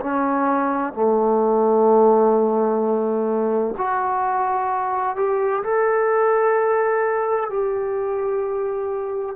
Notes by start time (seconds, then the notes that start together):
0.00 C#4
0.94 A3
3.78 F#4
5.16 G4
5.64 A4
7.50 G4